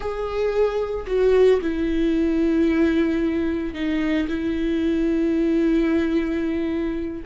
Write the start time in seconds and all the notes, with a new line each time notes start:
0.00 G#4
1.06 F#4
1.61 E4
3.74 D#4
4.28 E4